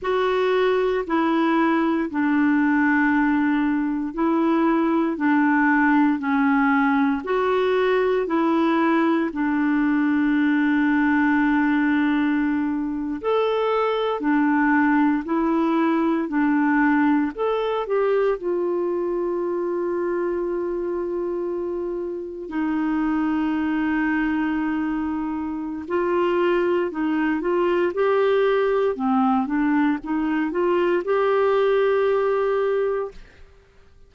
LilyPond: \new Staff \with { instrumentName = "clarinet" } { \time 4/4 \tempo 4 = 58 fis'4 e'4 d'2 | e'4 d'4 cis'4 fis'4 | e'4 d'2.~ | d'8. a'4 d'4 e'4 d'16~ |
d'8. a'8 g'8 f'2~ f'16~ | f'4.~ f'16 dis'2~ dis'16~ | dis'4 f'4 dis'8 f'8 g'4 | c'8 d'8 dis'8 f'8 g'2 | }